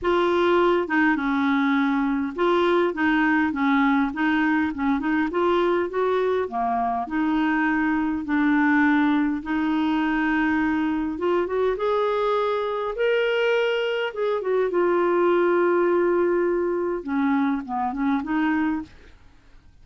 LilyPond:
\new Staff \with { instrumentName = "clarinet" } { \time 4/4 \tempo 4 = 102 f'4. dis'8 cis'2 | f'4 dis'4 cis'4 dis'4 | cis'8 dis'8 f'4 fis'4 ais4 | dis'2 d'2 |
dis'2. f'8 fis'8 | gis'2 ais'2 | gis'8 fis'8 f'2.~ | f'4 cis'4 b8 cis'8 dis'4 | }